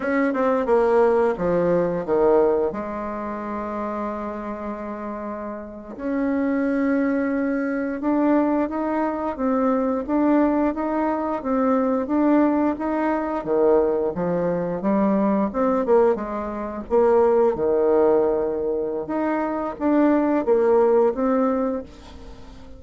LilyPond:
\new Staff \with { instrumentName = "bassoon" } { \time 4/4 \tempo 4 = 88 cis'8 c'8 ais4 f4 dis4 | gis1~ | gis8. cis'2. d'16~ | d'8. dis'4 c'4 d'4 dis'16~ |
dis'8. c'4 d'4 dis'4 dis16~ | dis8. f4 g4 c'8 ais8 gis16~ | gis8. ais4 dis2~ dis16 | dis'4 d'4 ais4 c'4 | }